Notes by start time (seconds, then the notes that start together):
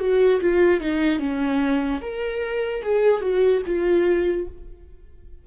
0.00 F#4
0.41 F4
0.80 D#4
1.19 C#4
2.02 A#4
2.83 G#4
3.21 F#4
3.66 F4